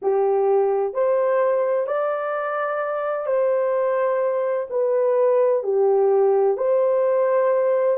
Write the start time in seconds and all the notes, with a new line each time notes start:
0.02 G4
0.93 C5
1.87 D5
3.26 C5
4.70 B4
5.63 G4
6.57 C5